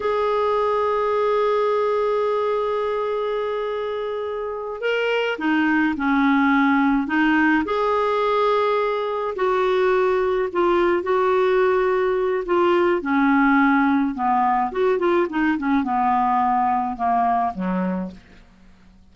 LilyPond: \new Staff \with { instrumentName = "clarinet" } { \time 4/4 \tempo 4 = 106 gis'1~ | gis'1~ | gis'8 ais'4 dis'4 cis'4.~ | cis'8 dis'4 gis'2~ gis'8~ |
gis'8 fis'2 f'4 fis'8~ | fis'2 f'4 cis'4~ | cis'4 b4 fis'8 f'8 dis'8 cis'8 | b2 ais4 fis4 | }